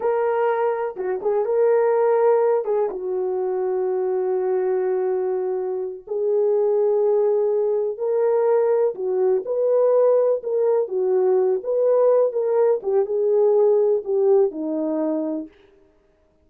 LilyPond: \new Staff \with { instrumentName = "horn" } { \time 4/4 \tempo 4 = 124 ais'2 fis'8 gis'8 ais'4~ | ais'4. gis'8 fis'2~ | fis'1~ | fis'8 gis'2.~ gis'8~ |
gis'8 ais'2 fis'4 b'8~ | b'4. ais'4 fis'4. | b'4. ais'4 g'8 gis'4~ | gis'4 g'4 dis'2 | }